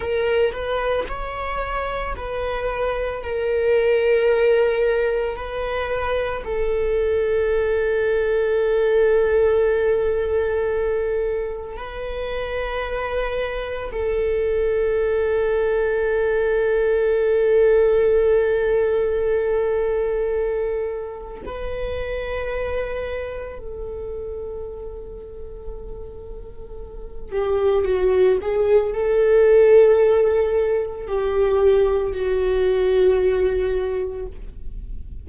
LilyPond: \new Staff \with { instrumentName = "viola" } { \time 4/4 \tempo 4 = 56 ais'8 b'8 cis''4 b'4 ais'4~ | ais'4 b'4 a'2~ | a'2. b'4~ | b'4 a'2.~ |
a'1 | b'2 a'2~ | a'4. g'8 fis'8 gis'8 a'4~ | a'4 g'4 fis'2 | }